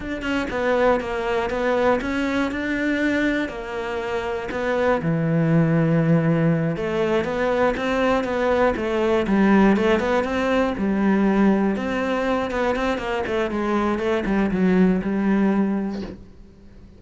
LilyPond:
\new Staff \with { instrumentName = "cello" } { \time 4/4 \tempo 4 = 120 d'8 cis'8 b4 ais4 b4 | cis'4 d'2 ais4~ | ais4 b4 e2~ | e4. a4 b4 c'8~ |
c'8 b4 a4 g4 a8 | b8 c'4 g2 c'8~ | c'4 b8 c'8 ais8 a8 gis4 | a8 g8 fis4 g2 | }